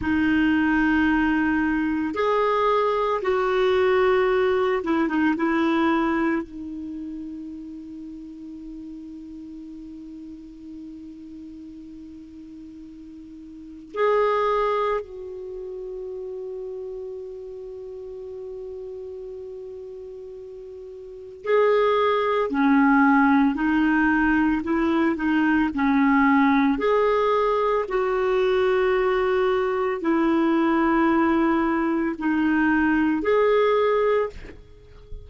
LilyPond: \new Staff \with { instrumentName = "clarinet" } { \time 4/4 \tempo 4 = 56 dis'2 gis'4 fis'4~ | fis'8 e'16 dis'16 e'4 dis'2~ | dis'1~ | dis'4 gis'4 fis'2~ |
fis'1 | gis'4 cis'4 dis'4 e'8 dis'8 | cis'4 gis'4 fis'2 | e'2 dis'4 gis'4 | }